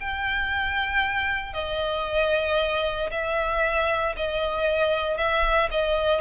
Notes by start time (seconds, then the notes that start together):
0.00 G5
1.53 D#5
3.10 E5
4.16 D#5
5.17 E5
5.71 D#5